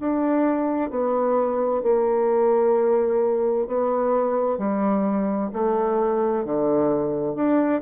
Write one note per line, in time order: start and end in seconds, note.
0.00 0.91 D4
0.91 1.83 B3
1.83 3.68 A#3
3.68 4.58 B3
4.58 5.50 G3
5.53 6.46 A3
6.46 7.36 D3
7.36 7.82 D4